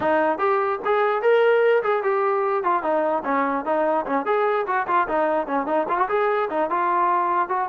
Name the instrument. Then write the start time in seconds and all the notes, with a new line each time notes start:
trombone
0.00 D#4
0.38 G4
0.84 G#4
1.21 A#4
1.83 G#4
2.03 G4
2.63 F4
2.82 D#4
3.24 C#4
3.65 D#4
4.06 C#4
4.25 G#4
4.66 F#4
4.87 F4
5.08 D#4
5.46 C#4
5.66 D#4
5.88 F4
5.98 F#4
6.08 G#4
6.50 D#4
6.70 F4
7.49 F#4